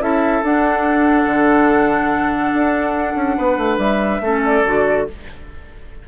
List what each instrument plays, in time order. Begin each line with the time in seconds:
0.00 bassoon C#4, clarinet E4, oboe A4, flute E5
0.43 bassoon D4, clarinet D4, flute F#5
1.26 bassoon D3
2.54 bassoon D4
3.15 bassoon C#4
3.37 bassoon B3, oboe B4
3.58 bassoon A3
3.78 bassoon G3, flute E5
4.21 bassoon A3, clarinet C#4, oboe A4
4.45 flute D5
4.65 bassoon D3, clarinet F#4